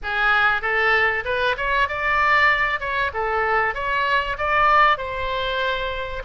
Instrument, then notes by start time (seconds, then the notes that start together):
oboe
0.02 G#4
0.61 A4
1.24 B4
1.57 C#5
1.88 D5
2.80 C#5
3.13 A4
3.74 C#5
4.38 D5
4.97 C5